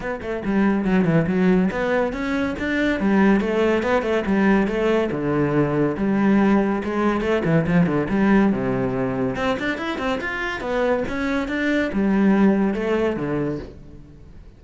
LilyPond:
\new Staff \with { instrumentName = "cello" } { \time 4/4 \tempo 4 = 141 b8 a8 g4 fis8 e8 fis4 | b4 cis'4 d'4 g4 | a4 b8 a8 g4 a4 | d2 g2 |
gis4 a8 e8 f8 d8 g4 | c2 c'8 d'8 e'8 c'8 | f'4 b4 cis'4 d'4 | g2 a4 d4 | }